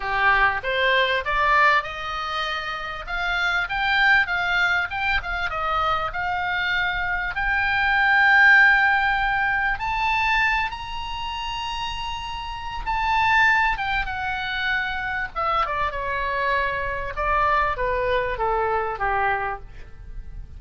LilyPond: \new Staff \with { instrumentName = "oboe" } { \time 4/4 \tempo 4 = 98 g'4 c''4 d''4 dis''4~ | dis''4 f''4 g''4 f''4 | g''8 f''8 dis''4 f''2 | g''1 |
a''4. ais''2~ ais''8~ | ais''4 a''4. g''8 fis''4~ | fis''4 e''8 d''8 cis''2 | d''4 b'4 a'4 g'4 | }